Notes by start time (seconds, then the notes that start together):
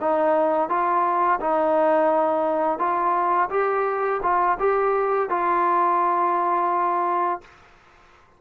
0.00 D#4
0.69 F4
1.40 D#4
2.78 F4
3.50 G4
4.23 F4
4.59 G4
5.29 F4